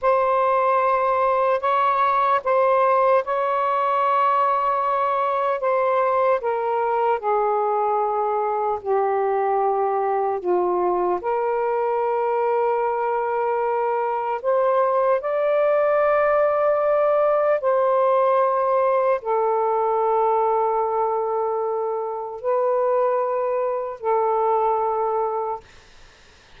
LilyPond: \new Staff \with { instrumentName = "saxophone" } { \time 4/4 \tempo 4 = 75 c''2 cis''4 c''4 | cis''2. c''4 | ais'4 gis'2 g'4~ | g'4 f'4 ais'2~ |
ais'2 c''4 d''4~ | d''2 c''2 | a'1 | b'2 a'2 | }